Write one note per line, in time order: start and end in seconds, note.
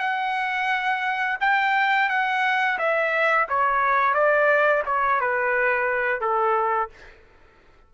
0.00 1.38 F#5
1.41 2.09 G5
2.09 2.78 F#5
2.79 3.48 E5
3.49 4.14 C#5
4.14 4.83 D5
4.86 5.21 C#5
5.21 6.21 B4
6.21 6.90 A4